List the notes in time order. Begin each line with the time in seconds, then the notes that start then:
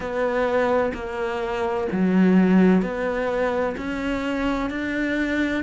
0.00 B3
0.94 A#3
1.92 F#3
2.82 B3
3.77 C#4
4.70 D4